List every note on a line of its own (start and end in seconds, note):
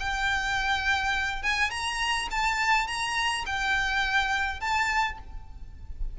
0.00 1.43 G5
1.43 1.71 G#5
1.71 2.28 A#5
2.31 2.87 A5
2.87 3.45 A#5
3.46 4.61 G5
4.61 5.18 A5